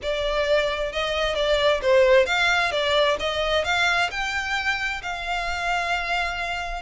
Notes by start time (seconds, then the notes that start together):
0.02 D5
0.92 D#5
1.35 D5
1.82 C5
2.26 F5
2.71 D5
3.19 D#5
3.64 F5
4.10 G5
5.02 F5